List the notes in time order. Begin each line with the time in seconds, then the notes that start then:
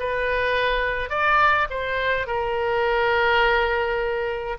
0.00 B4
1.10 D5
1.70 C5
2.27 A#4